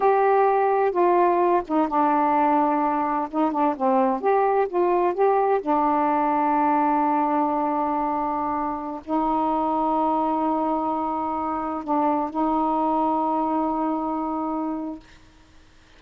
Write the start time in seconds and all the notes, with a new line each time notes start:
0.00 G4
0.91 F4
1.67 D#4
1.88 D4
3.30 D#4
3.51 D4
3.76 C4
4.20 G4
4.68 F4
5.13 G4
5.61 D4
9.04 D#4
11.84 D4
12.29 D#4